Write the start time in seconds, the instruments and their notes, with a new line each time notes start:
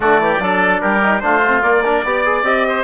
0.00 bassoon D3, trombone A3, oboe F#4, trumpet D5
0.19 bassoon E3, oboe G4
0.39 bassoon F#3, trombone D4, oboe A4
0.80 bassoon G3, oboe G4, trumpet A#4
1.03 trombone D#4
1.20 bassoon A3, trombone D4, oboe F4, trumpet C5
1.46 trombone C4
1.62 bassoon A#3, trombone A#3, trumpet D5
1.84 trombone D4, oboe A#4
2.03 bassoon B3, trombone G4, oboe D5
2.24 trombone G#4
2.42 bassoon C4, trombone G4, trumpet D#5
2.68 oboe C5